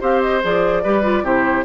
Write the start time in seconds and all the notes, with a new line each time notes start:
0.00 C4 G4 C5 F5
0.22 D#5
0.42 F3 G#4 D5
0.83 G3 G4 B4
1.03 F4
1.23 C3 E4 G4 C5